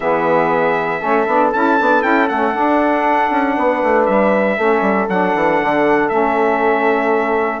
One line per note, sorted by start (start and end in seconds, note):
0.00 1.01 E3
0.00 1.00 B3
0.00 1.00 G#4
0.00 1.50 E5
1.00 1.26 A3
1.00 1.25 C#4
1.00 3.54 A4
1.26 1.52 B3
1.26 1.52 D4
1.52 1.80 C#4
1.52 1.77 E4
1.52 2.02 A5
1.77 2.03 B3
1.77 2.01 D4
2.01 2.29 C#4
2.01 2.27 E4
2.01 2.27 G5
2.28 2.55 A3
2.28 2.51 C#4
2.28 4.05 F#5
2.51 4.55 D4
2.51 3.30 D4
3.30 3.56 C#4
3.57 3.82 B3
3.57 4.57 B4
3.83 4.07 A3
4.05 4.57 G3
4.05 5.07 E5
4.57 4.81 A3
4.57 5.08 C#4
4.57 7.60 A4
4.81 5.06 G3
5.09 5.34 F#3
5.09 6.09 D4
5.09 6.09 F#5
5.34 5.60 E3
5.61 6.10 D3
6.09 7.60 A3
6.09 7.60 C#4
6.09 7.60 E5